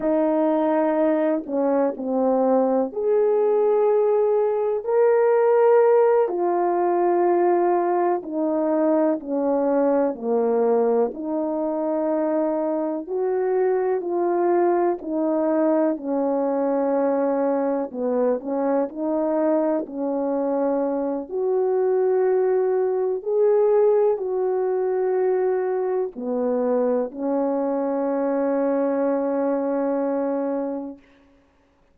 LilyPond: \new Staff \with { instrumentName = "horn" } { \time 4/4 \tempo 4 = 62 dis'4. cis'8 c'4 gis'4~ | gis'4 ais'4. f'4.~ | f'8 dis'4 cis'4 ais4 dis'8~ | dis'4. fis'4 f'4 dis'8~ |
dis'8 cis'2 b8 cis'8 dis'8~ | dis'8 cis'4. fis'2 | gis'4 fis'2 b4 | cis'1 | }